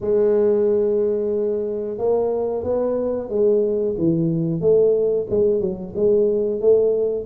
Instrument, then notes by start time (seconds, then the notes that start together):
tuba
0.00 G#3
1.98 A#3
2.63 B3
3.29 G#3
3.98 E3
4.61 A3
5.30 G#3
5.60 F#3
5.95 G#3
6.60 A3